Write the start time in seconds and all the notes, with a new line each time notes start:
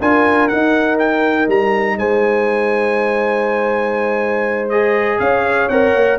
0.00 D4 F4 A#4 G#5
0.48 D#4 F#5
0.99 G5
1.48 G3 A#5
1.97 G#3 C5 G#5
4.69 G#4 D#5
5.19 C#4 C#5 F5
5.69 C4 A#4 F#5
5.95 A#3